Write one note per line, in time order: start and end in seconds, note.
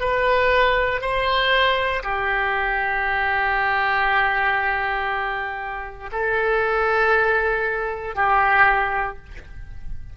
0.00 1.01 B4
1.01 2.03 C5
2.03 6.10 G4
6.12 8.15 A4
8.15 9.17 G4